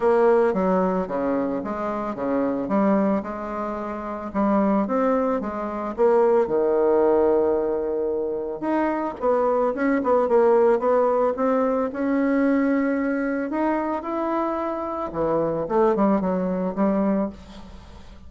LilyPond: \new Staff \with { instrumentName = "bassoon" } { \time 4/4 \tempo 4 = 111 ais4 fis4 cis4 gis4 | cis4 g4 gis2 | g4 c'4 gis4 ais4 | dis1 |
dis'4 b4 cis'8 b8 ais4 | b4 c'4 cis'2~ | cis'4 dis'4 e'2 | e4 a8 g8 fis4 g4 | }